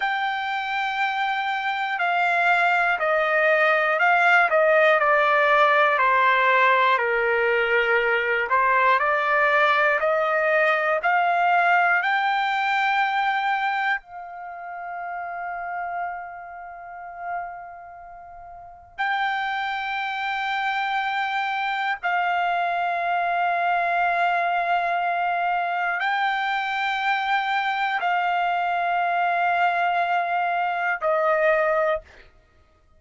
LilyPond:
\new Staff \with { instrumentName = "trumpet" } { \time 4/4 \tempo 4 = 60 g''2 f''4 dis''4 | f''8 dis''8 d''4 c''4 ais'4~ | ais'8 c''8 d''4 dis''4 f''4 | g''2 f''2~ |
f''2. g''4~ | g''2 f''2~ | f''2 g''2 | f''2. dis''4 | }